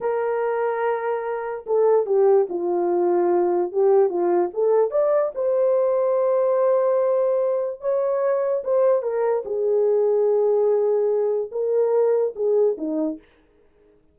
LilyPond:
\new Staff \with { instrumentName = "horn" } { \time 4/4 \tempo 4 = 146 ais'1 | a'4 g'4 f'2~ | f'4 g'4 f'4 a'4 | d''4 c''2.~ |
c''2. cis''4~ | cis''4 c''4 ais'4 gis'4~ | gis'1 | ais'2 gis'4 dis'4 | }